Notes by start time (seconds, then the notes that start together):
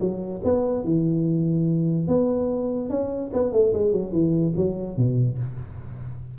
0.00 F#3
0.44 B3
0.84 E3
2.07 B3
2.89 C#4
3.33 B3
3.52 A3
3.73 G#3
3.92 F#3
4.12 E3
4.56 F#3
4.97 B2